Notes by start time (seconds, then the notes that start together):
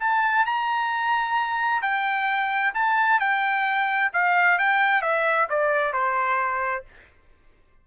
0.00 A5
0.46 A#5
1.82 G5
2.74 A5
3.20 G5
4.13 F5
4.59 G5
5.02 E5
5.49 D5
5.93 C5